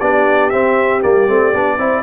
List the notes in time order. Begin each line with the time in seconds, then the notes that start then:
0.00 B3 D4 G4 D5
0.50 C4 E5
1.02 G3 A#3 D5
1.28 A3 C4
1.54 B3 D4
1.78 C4 E4 C5